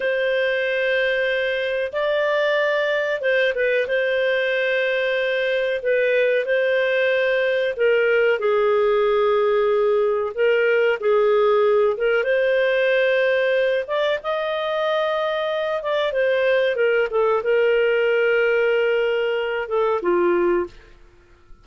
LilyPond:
\new Staff \with { instrumentName = "clarinet" } { \time 4/4 \tempo 4 = 93 c''2. d''4~ | d''4 c''8 b'8 c''2~ | c''4 b'4 c''2 | ais'4 gis'2. |
ais'4 gis'4. ais'8 c''4~ | c''4. d''8 dis''2~ | dis''8 d''8 c''4 ais'8 a'8 ais'4~ | ais'2~ ais'8 a'8 f'4 | }